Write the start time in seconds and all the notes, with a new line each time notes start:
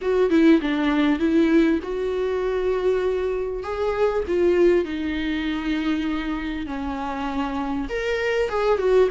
0.01 F#4
0.29 E4
0.61 D4
1.19 E4
1.82 F#4
3.63 G#4
4.27 F4
4.85 D#4
6.66 C#4
7.89 A#4
8.48 G#4
8.78 F#4